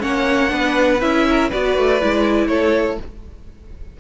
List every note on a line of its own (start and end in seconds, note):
0.00 0.52 A#3
0.00 0.49 C#4
0.00 0.52 C#5
0.00 1.01 F#5
0.49 1.02 B3
0.49 0.98 D4
0.49 1.27 B4
1.01 1.51 C#4
1.01 1.51 E4
1.01 1.51 E5
1.30 1.49 A#4
1.49 1.78 B3
1.49 2.01 F#4
1.49 2.48 B4
1.49 2.48 D5
1.78 2.03 A3
2.01 2.48 G#3
2.01 3.00 E4
2.48 2.97 A3
2.48 2.99 A4
2.48 2.97 C#5